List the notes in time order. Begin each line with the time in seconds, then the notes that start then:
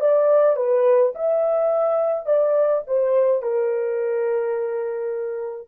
0.00 D5
0.56 B4
1.15 E5
2.25 D5
2.87 C5
3.42 A#4